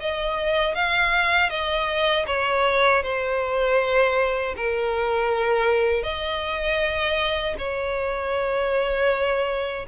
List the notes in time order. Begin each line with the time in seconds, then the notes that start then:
0.00 D#5
0.75 F5
1.50 D#5
2.27 C#5
3.03 C5
4.56 A#4
6.03 D#5
7.58 C#5